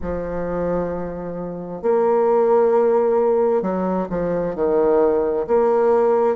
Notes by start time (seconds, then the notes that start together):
0.01 F3
1.81 A#3
3.62 F#3
4.09 F3
4.55 D#3
5.47 A#3